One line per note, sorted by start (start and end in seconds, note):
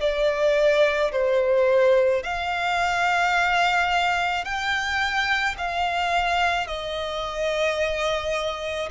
0.00 1.11 D5
1.12 2.23 C5
2.23 4.44 F5
4.44 5.56 G5
5.58 6.67 F5
6.67 8.89 D#5